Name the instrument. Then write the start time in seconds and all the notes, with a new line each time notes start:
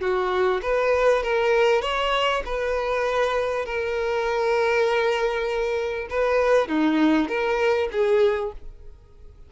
violin
0.00 F#4
0.62 B4
1.23 A#4
1.82 C#5
2.45 B4
3.65 A#4
6.09 B4
6.68 D#4
7.28 A#4
7.91 G#4